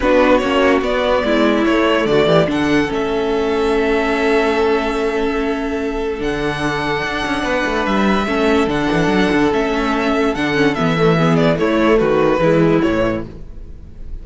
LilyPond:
<<
  \new Staff \with { instrumentName = "violin" } { \time 4/4 \tempo 4 = 145 b'4 cis''4 d''2 | cis''4 d''4 fis''4 e''4~ | e''1~ | e''2. fis''4~ |
fis''2. e''4~ | e''4 fis''2 e''4~ | e''4 fis''4 e''4. d''8 | cis''4 b'2 cis''4 | }
  \new Staff \with { instrumentName = "violin" } { \time 4/4 fis'2. e'4~ | e'4 fis'8 g'8 a'2~ | a'1~ | a'1~ |
a'2 b'2 | a'1~ | a'2. gis'4 | e'4 fis'4 e'2 | }
  \new Staff \with { instrumentName = "viola" } { \time 4/4 d'4 cis'4 b2 | a2 d'4 cis'4~ | cis'1~ | cis'2. d'4~ |
d'1 | cis'4 d'2 cis'4~ | cis'4 d'8 cis'8 b8 a8 b4 | a2 gis4 e4 | }
  \new Staff \with { instrumentName = "cello" } { \time 4/4 b4 ais4 b4 gis4 | a4 d8 e8 d4 a4~ | a1~ | a2. d4~ |
d4 d'8 cis'8 b8 a8 g4 | a4 d8 e8 fis8 d8 a4~ | a4 d4 e2 | a4 dis4 e4 a,4 | }
>>